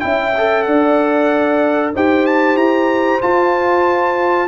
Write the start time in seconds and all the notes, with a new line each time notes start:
0.00 C#4 E4 E5 G5
0.38 A4
0.62 D4 D5 F#5
1.94 D#4 G4 C5 G5
2.26 A5
2.55 E4 A#5
3.22 F4 A5